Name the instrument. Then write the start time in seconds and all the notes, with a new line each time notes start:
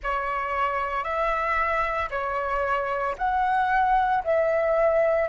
flute
0.02 C#5
1.03 E5
2.10 C#5
3.18 F#5
4.23 E5